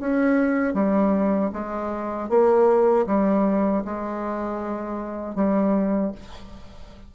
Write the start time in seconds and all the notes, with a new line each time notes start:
0.00 C#4
0.73 G3
1.52 G#3
2.29 A#3
3.06 G3
3.84 G#3
5.35 G3